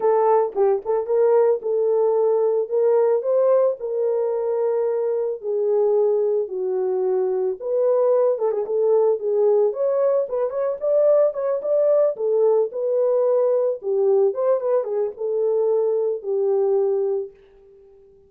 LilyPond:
\new Staff \with { instrumentName = "horn" } { \time 4/4 \tempo 4 = 111 a'4 g'8 a'8 ais'4 a'4~ | a'4 ais'4 c''4 ais'4~ | ais'2 gis'2 | fis'2 b'4. a'16 gis'16 |
a'4 gis'4 cis''4 b'8 cis''8 | d''4 cis''8 d''4 a'4 b'8~ | b'4. g'4 c''8 b'8 gis'8 | a'2 g'2 | }